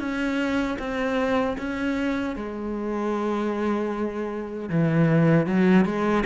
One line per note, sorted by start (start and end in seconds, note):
0.00 0.78 C#4
0.79 1.57 C4
1.58 2.36 C#4
2.36 4.70 G#3
4.70 5.47 E3
5.47 5.85 F#3
5.85 6.24 G#3